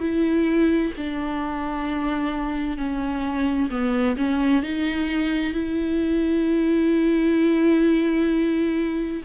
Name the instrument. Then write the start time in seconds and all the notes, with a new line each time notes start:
viola
0.00 E4
0.97 D4
2.78 C#4
3.70 B3
4.17 C#4
4.63 D#4
5.53 E4